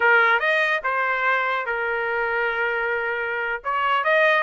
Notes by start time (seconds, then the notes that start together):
0.00 A#4
0.39 D#5
0.83 C5
1.66 A#4
3.64 C#5
4.04 D#5